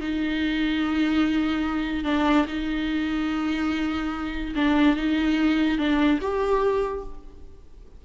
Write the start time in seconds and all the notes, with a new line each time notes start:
0.00 D#4
2.04 D4
2.47 D#4
4.55 D4
4.96 D#4
5.78 D4
6.21 G4